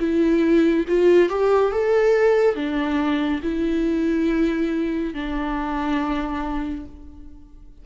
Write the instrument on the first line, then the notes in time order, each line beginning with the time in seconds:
viola
0.00 E4
0.88 F4
1.30 G4
1.73 A4
2.56 D4
3.43 E4
5.14 D4